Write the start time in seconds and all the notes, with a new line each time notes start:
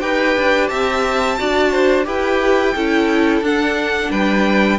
0.00 D#4 G4 B4 G5
0.36 D4
0.68 C4 E5 A5
1.38 D4 F#4 D5
1.72 C5
2.05 E4 G4 B4 G5
2.75 C#4 E4 A4
3.41 D4 F#5
4.11 G3 B4 G5